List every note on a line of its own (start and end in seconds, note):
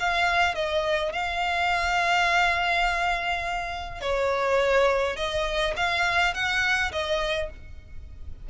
0.00 0.55 F5
0.55 1.13 D#5
1.13 4.01 F5
4.01 5.17 C#5
5.17 5.75 D#5
5.77 6.34 F5
6.34 6.92 F#5
6.92 7.50 D#5